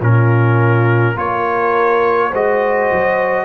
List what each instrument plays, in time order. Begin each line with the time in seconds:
0.00 tuba A#2, trombone C#4, horn F4, trumpet A#4
1.16 tuba A#3, trombone F4, horn A#4, trumpet C#5
2.30 tuba G#3, trombone F#4, horn C5, trumpet D#5
2.91 tuba F#3